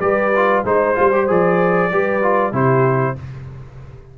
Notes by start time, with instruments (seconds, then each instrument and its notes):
0.00 tuba G3, trombone G4, horn B4, trumpet D5
0.36 trombone F4
0.64 tuba G#3, trombone D#4, horn C5, trumpet C5
0.95 tuba G3, trombone F4
1.12 trombone G4
1.27 tuba F3, trombone G#4, trumpet D5
1.91 tuba G3, trombone G4, horn B4
2.22 trombone F4
2.51 tuba C3, trombone E4, horn G4, trumpet C5